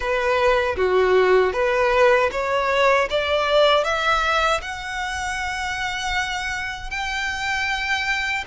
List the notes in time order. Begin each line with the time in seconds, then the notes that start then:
0.00 B4
0.77 F#4
1.52 B4
2.31 C#5
3.10 D5
3.84 E5
4.61 F#5
6.90 G5